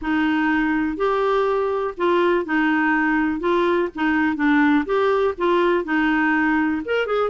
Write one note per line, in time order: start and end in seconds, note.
0.01 0.96 D#4
0.96 1.94 G4
1.97 2.45 F4
2.45 3.40 D#4
3.40 3.88 F4
3.95 4.35 D#4
4.35 4.84 D4
4.85 5.34 G4
5.37 5.84 F4
5.84 6.82 D#4
6.85 7.06 A#4
7.06 7.29 G#4